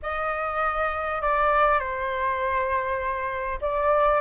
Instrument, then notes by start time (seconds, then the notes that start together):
flute
0.02 D#5
1.21 D5
1.79 C5
3.61 D5